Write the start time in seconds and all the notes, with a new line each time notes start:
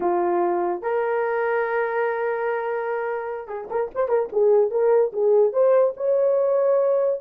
0.00 F4
0.82 A#4
3.47 G#4
3.70 A#4
3.95 C5
4.08 A#4
4.32 G#4
4.70 A#4
5.12 G#4
5.53 C5
5.97 C#5